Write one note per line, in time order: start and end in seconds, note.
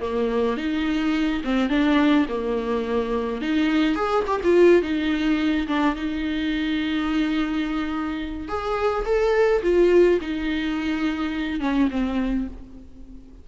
0.00 0.57 A#3
0.57 1.42 D#4
1.44 1.69 C4
1.69 2.26 D4
2.28 3.41 A#3
3.41 3.95 D#4
3.95 4.23 G#4
4.27 4.41 G4
4.44 4.82 F4
4.82 5.67 D#4
5.67 5.95 D4
5.95 8.48 D#4
8.48 9.05 G#4
9.05 9.62 A4
9.62 10.19 F4
10.20 11.60 D#4
11.60 11.88 C#4
11.90 12.47 C4